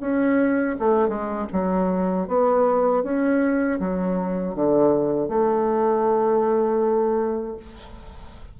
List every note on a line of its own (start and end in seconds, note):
0.00 0.76 C#4
0.79 1.08 A3
1.08 1.46 G#3
1.52 2.28 F#3
2.28 3.03 B3
3.03 3.79 C#4
3.79 4.55 F#3
4.55 5.29 D3
5.29 7.56 A3